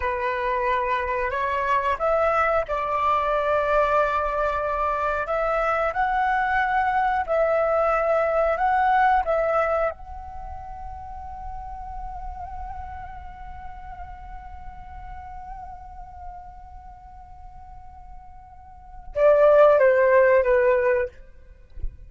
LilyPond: \new Staff \with { instrumentName = "flute" } { \time 4/4 \tempo 4 = 91 b'2 cis''4 e''4 | d''1 | e''4 fis''2 e''4~ | e''4 fis''4 e''4 fis''4~ |
fis''1~ | fis''1~ | fis''1~ | fis''4 d''4 c''4 b'4 | }